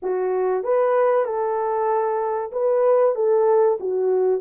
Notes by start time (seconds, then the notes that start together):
0.02 F#4
0.63 B4
1.25 A4
2.52 B4
3.15 A4
3.80 F#4